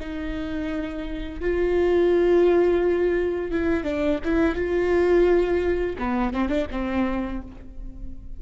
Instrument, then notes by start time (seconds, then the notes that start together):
viola
0.00 D#4
1.41 F4
3.51 E4
3.84 D4
4.25 E4
4.55 F4
5.99 B3
6.34 C4
6.49 D4
6.71 C4